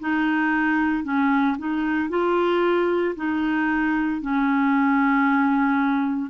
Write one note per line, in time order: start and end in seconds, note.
0.00 1.04 D#4
1.04 1.57 C#4
1.58 2.10 D#4
2.10 3.15 F4
3.16 4.22 D#4
4.22 6.31 C#4